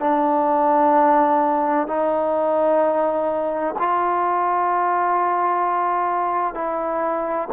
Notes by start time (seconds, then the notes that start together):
0.00 D4
1.87 D#4
3.79 F4
6.55 E4